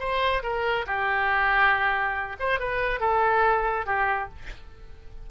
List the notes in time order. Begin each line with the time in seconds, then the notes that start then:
0.00 C5
0.43 A#4
0.87 G4
2.40 C5
2.60 B4
3.01 A4
3.86 G4